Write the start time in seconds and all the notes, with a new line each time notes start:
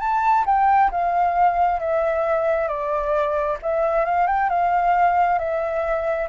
0.00 A5
0.46 G5
0.91 F5
1.80 E5
2.68 D5
3.62 E5
4.05 F5
4.27 G5
4.49 F5
5.39 E5